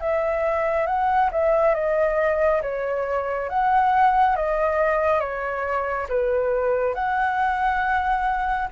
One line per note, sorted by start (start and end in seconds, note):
0.00 0.86 E5
0.86 1.30 F#5
1.31 1.74 E5
1.74 2.61 D#5
2.62 3.49 C#5
3.49 4.36 F#5
4.36 5.20 D#5
5.20 6.07 C#5
6.09 6.94 B4
6.94 8.68 F#5